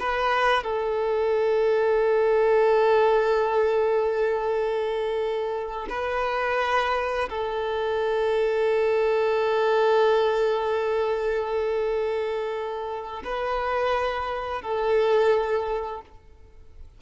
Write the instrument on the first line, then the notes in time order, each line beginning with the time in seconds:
violin
0.00 B4
0.64 A4
5.90 B4
7.30 A4
13.24 B4
14.62 A4